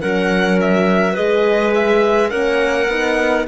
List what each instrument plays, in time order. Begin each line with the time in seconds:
0.00 cello F#3, horn C#4, clarinet A#4, violin F#5
0.60 violin E5
1.12 cello G#3, horn G#4, clarinet B4, violin D#5
1.74 violin E5
2.30 cello A#3, horn C#4, clarinet A#4, violin F#5
2.88 cello B3, horn D#4